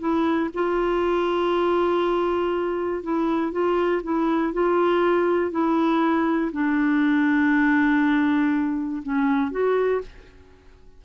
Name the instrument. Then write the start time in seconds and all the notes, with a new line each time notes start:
clarinet
0.00 E4
0.55 F4
3.04 E4
3.52 F4
4.04 E4
4.53 F4
5.51 E4
6.53 D4
9.03 C#4
9.51 F#4